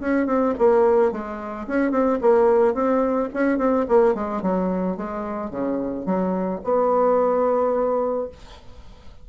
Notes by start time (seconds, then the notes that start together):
0.00 C#4
0.26 C4
0.58 A#3
1.11 G#3
1.67 C#4
1.91 C4
2.21 A#3
2.74 C4
3.34 C#4
3.58 C4
3.88 A#3
4.14 G#3
4.42 F#3
4.96 G#3
5.50 C#3
6.05 F#3
6.64 B3